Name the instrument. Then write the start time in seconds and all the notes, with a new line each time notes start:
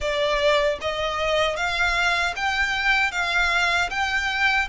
violin
0.00 D5
0.81 D#5
1.56 F5
2.36 G5
3.11 F5
3.90 G5